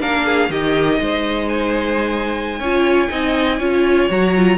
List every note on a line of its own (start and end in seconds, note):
0.00 0.50 A#3
0.00 0.50 D4
0.00 0.26 A#4
0.00 0.51 F5
0.26 0.50 G#4
0.50 0.99 D#3
0.50 2.62 D#4
0.50 1.00 G4
0.50 1.49 D#5
1.01 2.60 G#3
1.01 2.60 C5
1.49 4.09 G#5
2.60 3.09 C#4
2.60 3.09 F4
2.60 3.09 C#5
3.09 3.60 C4
3.09 3.59 D#4
3.09 3.59 D#5
3.59 4.10 C#4
3.59 4.10 F4
3.59 4.58 C#5
4.10 4.58 F#3
4.10 4.35 F#4
4.10 4.58 A#5
4.37 4.58 F4